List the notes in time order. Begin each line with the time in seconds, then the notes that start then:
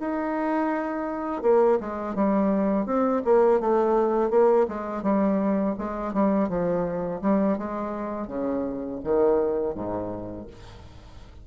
0.00 D#4
1.42 A#3
1.80 G#3
2.15 G3
2.86 C4
3.24 A#3
3.60 A3
4.30 A#3
4.68 G#3
5.02 G3
5.78 G#3
6.13 G3
6.49 F3
7.21 G3
7.58 G#3
8.27 C#3
9.04 D#3
9.74 G#2